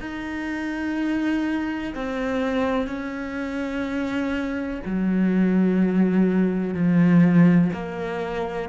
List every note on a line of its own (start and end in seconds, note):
0.00 1.94 D#4
1.94 2.86 C4
2.86 4.80 C#4
4.85 6.74 F#3
6.74 7.71 F3
7.72 8.69 A#3